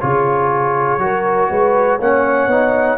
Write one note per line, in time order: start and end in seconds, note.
0.00 0.98 C#3
0.00 0.99 F4
0.00 1.01 G#4
0.00 2.00 C#5
0.98 1.48 F#3
0.98 1.99 F#4
0.98 1.50 A#4
1.50 1.99 G#3
1.50 1.99 B4
1.99 2.47 A#3
1.99 2.50 C#4
1.99 2.98 C#5
1.99 2.98 F#5
2.47 2.97 B3
2.47 2.98 D#4